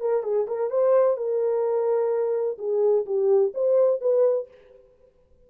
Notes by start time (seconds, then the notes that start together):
0.00 A#4
0.23 G#4
0.47 A#4
0.70 C5
1.17 A#4
2.58 G#4
3.06 G4
3.54 C5
4.01 B4